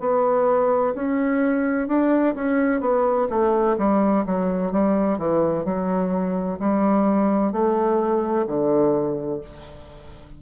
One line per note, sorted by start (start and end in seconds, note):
0.00 0.94 B3
0.95 1.88 C#4
1.88 2.35 D4
2.35 2.81 C#4
2.81 3.28 B3
3.30 3.77 A3
3.78 4.25 G3
4.26 4.72 F#3
4.72 5.18 G3
5.18 5.65 E3
5.65 6.59 F#3
6.60 7.52 G3
7.52 8.46 A3
8.47 9.41 D3